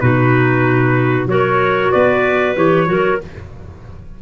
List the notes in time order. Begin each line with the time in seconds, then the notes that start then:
0.00 B2 D#4 F#4 B4
1.26 F#3 F#4 A#4 C#5
1.91 B3 B4 D5
2.56 E3 G4 C#5
2.86 F#3 F#4 A#4